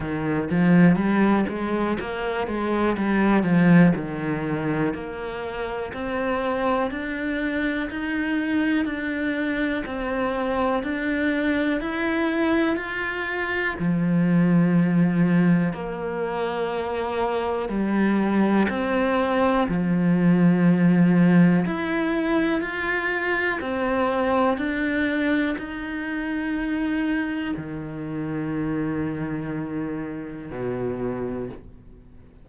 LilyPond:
\new Staff \with { instrumentName = "cello" } { \time 4/4 \tempo 4 = 61 dis8 f8 g8 gis8 ais8 gis8 g8 f8 | dis4 ais4 c'4 d'4 | dis'4 d'4 c'4 d'4 | e'4 f'4 f2 |
ais2 g4 c'4 | f2 e'4 f'4 | c'4 d'4 dis'2 | dis2. b,4 | }